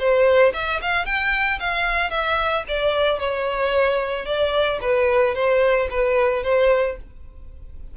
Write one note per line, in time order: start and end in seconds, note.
0.00 0.54 C5
0.54 0.81 E5
0.82 1.06 F5
1.06 1.60 G5
1.60 2.11 F5
2.11 2.64 E5
2.69 3.20 D5
3.20 4.26 C#5
4.26 4.80 D5
4.82 5.35 B4
5.35 5.89 C5
5.91 6.44 B4
6.44 6.97 C5